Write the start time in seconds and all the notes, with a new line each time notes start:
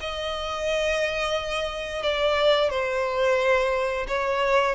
0.00 D#5
2.03 D5
2.70 C5
4.07 C#5